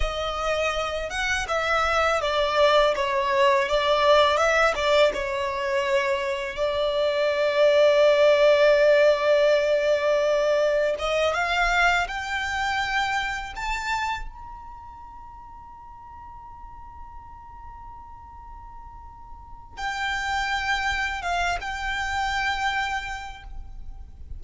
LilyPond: \new Staff \with { instrumentName = "violin" } { \time 4/4 \tempo 4 = 82 dis''4. fis''8 e''4 d''4 | cis''4 d''4 e''8 d''8 cis''4~ | cis''4 d''2.~ | d''2. dis''8 f''8~ |
f''8 g''2 a''4 ais''8~ | ais''1~ | ais''2. g''4~ | g''4 f''8 g''2~ g''8 | }